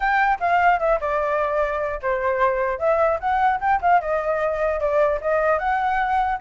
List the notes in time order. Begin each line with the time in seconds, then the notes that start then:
0.00 G5
0.40 F5
0.79 E5
1.00 D5
2.01 C5
2.78 E5
3.20 F#5
3.60 G5
3.81 F5
4.01 D#5
4.80 D5
5.21 D#5
5.58 F#5